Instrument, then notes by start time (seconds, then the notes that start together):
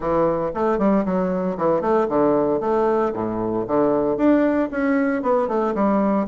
bassoon
0.00 E3
0.54 A3
0.78 G3
1.05 F#3
1.57 E3
1.81 A3
2.09 D3
2.60 A3
3.13 A2
3.67 D3
4.17 D4
4.71 C#4
5.22 B3
5.48 A3
5.74 G3